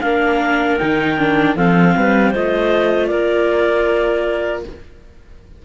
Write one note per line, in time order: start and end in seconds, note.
0.00 0.79 A#3
0.00 0.79 D4
0.00 1.55 A#4
0.00 0.77 F5
0.77 1.56 D#3
0.77 1.18 D#4
0.77 1.54 G5
1.18 1.56 D4
1.55 1.94 F3
1.55 2.33 C4
1.55 1.94 A4
1.55 2.33 F5
1.96 2.34 G3
1.96 2.30 B4
2.30 3.11 A3
2.30 4.64 F4
2.30 3.07 C5
2.30 3.06 D#5
3.06 4.64 A#3
3.06 4.63 A#4
3.06 4.60 D5